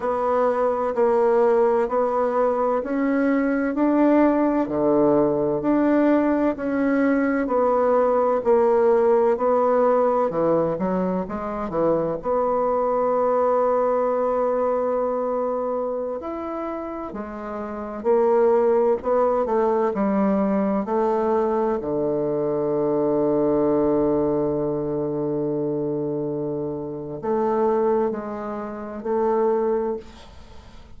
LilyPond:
\new Staff \with { instrumentName = "bassoon" } { \time 4/4 \tempo 4 = 64 b4 ais4 b4 cis'4 | d'4 d4 d'4 cis'4 | b4 ais4 b4 e8 fis8 | gis8 e8 b2.~ |
b4~ b16 e'4 gis4 ais8.~ | ais16 b8 a8 g4 a4 d8.~ | d1~ | d4 a4 gis4 a4 | }